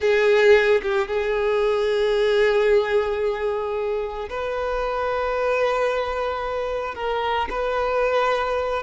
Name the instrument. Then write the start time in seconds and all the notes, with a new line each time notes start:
violin
0.00 G#4
0.82 G4
1.07 G#4
4.29 B4
6.94 A#4
7.50 B4